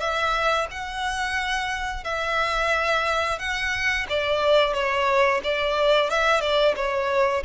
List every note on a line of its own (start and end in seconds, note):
0.00 0.67 E5
0.71 2.04 F#5
2.04 3.39 E5
3.39 4.07 F#5
4.09 4.74 D5
4.74 5.41 C#5
5.44 6.10 D5
6.10 6.41 E5
6.41 6.75 D5
6.76 7.43 C#5